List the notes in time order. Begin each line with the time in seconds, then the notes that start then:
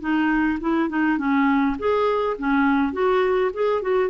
0.00 D#4
0.60 E4
0.89 D#4
1.18 C#4
1.78 G#4
2.38 C#4
2.93 F#4
3.53 G#4
3.82 F#4